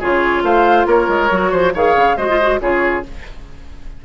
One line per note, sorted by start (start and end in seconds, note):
0.00 0.43 C#3
0.00 1.31 F4
0.00 0.43 G#4
0.00 0.44 C#5
0.43 0.86 A3
0.43 0.87 C5
0.43 0.88 F5
0.87 1.08 A#3
0.87 1.52 A#4
0.87 1.75 C#5
1.08 1.30 G#3
1.31 1.53 F#3
1.31 1.75 F#4
1.52 1.74 F3
1.52 1.73 C5
1.74 1.96 D#3
1.74 2.18 G#4
1.74 2.17 C#5
1.74 2.17 F5
1.96 2.17 C#3
2.17 2.60 G#3
2.17 2.29 F#4
2.17 2.61 C5
2.17 2.61 D#5
2.29 2.40 F4
2.42 2.60 F#4
2.60 3.04 C#3
2.60 3.04 F4
2.60 3.05 G#4
2.60 3.05 C#5